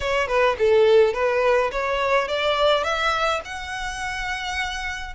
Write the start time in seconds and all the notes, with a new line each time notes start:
0.00 C#5
0.27 B4
0.58 A4
1.13 B4
1.71 C#5
2.28 D5
2.83 E5
3.44 F#5